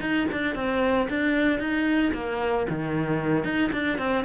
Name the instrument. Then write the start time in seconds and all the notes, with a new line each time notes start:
cello
0.00 D#4
0.31 D4
0.55 C4
1.09 D4
1.59 D#4
2.14 A#3
2.69 D#3
3.44 D#4
3.72 D4
3.98 C4